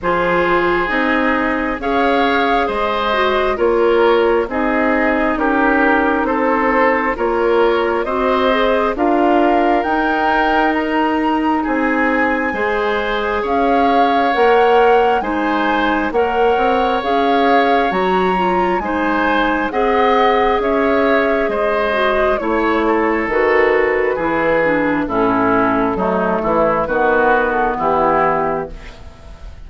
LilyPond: <<
  \new Staff \with { instrumentName = "flute" } { \time 4/4 \tempo 4 = 67 c''4 dis''4 f''4 dis''4 | cis''4 dis''4 ais'4 c''4 | cis''4 dis''4 f''4 g''4 | ais''4 gis''2 f''4 |
fis''4 gis''4 fis''4 f''4 | ais''4 gis''4 fis''4 e''4 | dis''4 cis''4 b'2 | a'2 b'8. a'16 g'4 | }
  \new Staff \with { instrumentName = "oboe" } { \time 4/4 gis'2 cis''4 c''4 | ais'4 gis'4 g'4 a'4 | ais'4 c''4 ais'2~ | ais'4 gis'4 c''4 cis''4~ |
cis''4 c''4 cis''2~ | cis''4 c''4 dis''4 cis''4 | c''4 cis''8 a'4. gis'4 | e'4 dis'8 e'8 fis'4 e'4 | }
  \new Staff \with { instrumentName = "clarinet" } { \time 4/4 f'4 dis'4 gis'4. fis'8 | f'4 dis'2. | f'4 fis'8 gis'8 f'4 dis'4~ | dis'2 gis'2 |
ais'4 dis'4 ais'4 gis'4 | fis'8 f'8 dis'4 gis'2~ | gis'8 fis'8 e'4 fis'4 e'8 d'8 | cis'4 a4 b2 | }
  \new Staff \with { instrumentName = "bassoon" } { \time 4/4 f4 c'4 cis'4 gis4 | ais4 c'4 cis'4 c'4 | ais4 c'4 d'4 dis'4~ | dis'4 c'4 gis4 cis'4 |
ais4 gis4 ais8 c'8 cis'4 | fis4 gis4 c'4 cis'4 | gis4 a4 dis4 e4 | a,4 fis8 e8 dis4 e4 | }
>>